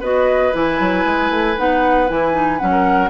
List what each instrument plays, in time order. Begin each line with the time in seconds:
0.00 bassoon B3, clarinet F#4, oboe B4, flute D#5
0.53 bassoon E3, clarinet E4, flute G#5
0.79 bassoon F#3
1.05 bassoon G#3
1.30 bassoon A3
1.56 bassoon B3, clarinet D#4, flute F#5
2.08 bassoon E3, clarinet E4, flute G#5
2.32 clarinet D#4
2.58 bassoon F#3, clarinet C#4, flute F#5
2.71 oboe A#4